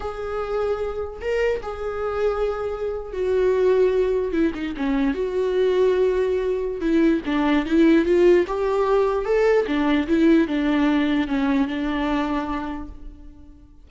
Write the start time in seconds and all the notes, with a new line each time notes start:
0.00 G#4
1.21 A#4
1.62 G#4
3.12 F#4
4.32 E4
4.54 D#4
4.76 C#4
5.14 F#4
6.81 E4
7.25 D4
7.65 E4
8.05 F4
8.47 G4
9.25 A4
9.66 D4
10.07 E4
10.47 D4
11.27 C#4
11.67 D4